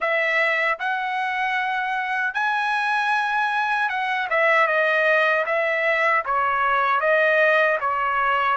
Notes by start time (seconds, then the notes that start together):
0.00 E5
0.79 F#5
2.33 G#5
3.89 F#5
4.30 E5
4.67 D#5
5.45 E5
6.25 C#5
7.00 D#5
7.80 C#5